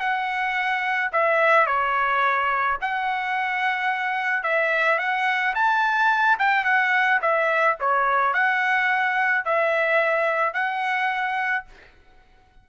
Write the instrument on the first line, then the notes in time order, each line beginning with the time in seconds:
trumpet
0.00 F#5
1.13 E5
1.67 C#5
2.82 F#5
4.44 E5
4.99 F#5
5.55 A5
6.39 G5
6.65 F#5
7.22 E5
7.81 C#5
8.34 F#5
9.45 E5
10.54 F#5